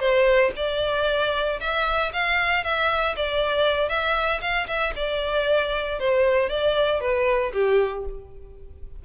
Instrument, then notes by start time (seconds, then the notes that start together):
violin
0.00 C5
0.56 D5
1.60 E5
2.13 F5
2.64 E5
3.16 D5
3.89 E5
4.41 F5
4.67 E5
4.96 D5
6.00 C5
6.50 D5
7.01 B4
7.53 G4